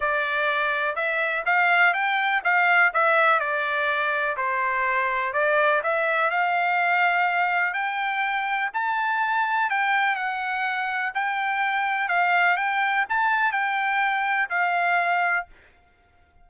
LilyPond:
\new Staff \with { instrumentName = "trumpet" } { \time 4/4 \tempo 4 = 124 d''2 e''4 f''4 | g''4 f''4 e''4 d''4~ | d''4 c''2 d''4 | e''4 f''2. |
g''2 a''2 | g''4 fis''2 g''4~ | g''4 f''4 g''4 a''4 | g''2 f''2 | }